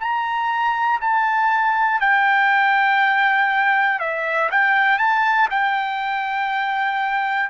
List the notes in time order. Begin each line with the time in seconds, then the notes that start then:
0.00 A#5
1.00 A5
2.00 G5
4.00 E5
4.51 G5
4.98 A5
5.50 G5